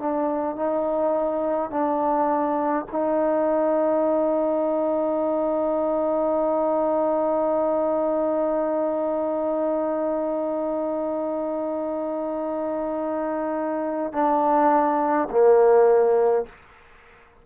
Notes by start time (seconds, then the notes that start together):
0.00 D4
0.57 D#4
1.70 D4
2.92 D#4
14.13 D4
15.31 A#3